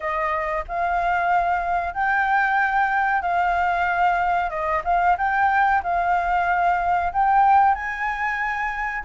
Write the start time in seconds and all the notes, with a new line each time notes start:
0.00 D#5
0.68 F5
1.94 G5
3.22 F5
4.50 D#5
4.84 F5
5.17 G5
5.83 F5
7.12 G5
7.74 G#5